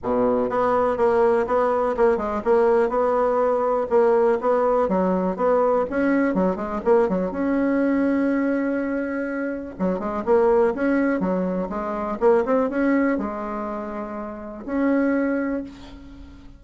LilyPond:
\new Staff \with { instrumentName = "bassoon" } { \time 4/4 \tempo 4 = 123 b,4 b4 ais4 b4 | ais8 gis8 ais4 b2 | ais4 b4 fis4 b4 | cis'4 fis8 gis8 ais8 fis8 cis'4~ |
cis'1 | fis8 gis8 ais4 cis'4 fis4 | gis4 ais8 c'8 cis'4 gis4~ | gis2 cis'2 | }